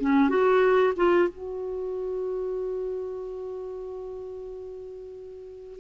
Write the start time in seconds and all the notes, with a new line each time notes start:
0.00 C#4
0.29 F#4
0.96 F4
1.28 F#4